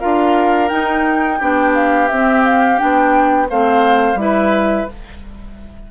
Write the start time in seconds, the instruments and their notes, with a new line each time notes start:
0.00 bassoon D4, clarinet F4, oboe A#4, flute F5
0.69 clarinet D#4, bassoon D#4, flute G5
1.39 bassoon B3, clarinet D4, oboe G4
1.75 flute F5
2.08 bassoon C4, clarinet C4, flute E5
2.44 flute F5
2.78 bassoon B3, clarinet D4, flute G5
3.50 bassoon A3, clarinet C4, oboe C5, flute F5
4.15 bassoon G3, clarinet E4, flute E5
4.21 oboe B4